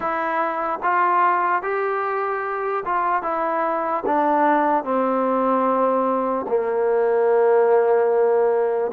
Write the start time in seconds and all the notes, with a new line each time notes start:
0.00 E4
0.82 F4
1.62 G4
2.85 F4
3.22 E4
4.06 D4
4.84 C4
6.48 A#3